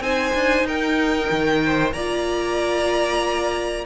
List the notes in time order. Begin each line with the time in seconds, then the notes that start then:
0.00 C4 D#4 C5 G#5
0.34 D4
0.63 D#4 A#4 G5
1.31 D#3
1.65 C5
1.93 A#3 F4 D5 A#5